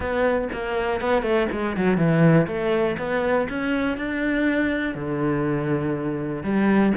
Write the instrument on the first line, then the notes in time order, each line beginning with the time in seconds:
cello
0.00 B3
0.52 A#3
1.01 B3
1.22 A3
1.51 G#3
1.76 F#3
1.97 E3
2.47 A3
2.98 B3
3.49 C#4
3.97 D4
4.95 D3
6.43 G3